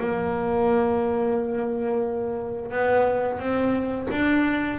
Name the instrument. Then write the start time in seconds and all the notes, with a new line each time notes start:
double bass
0.00 A#3
2.71 B3
3.39 C4
4.11 D4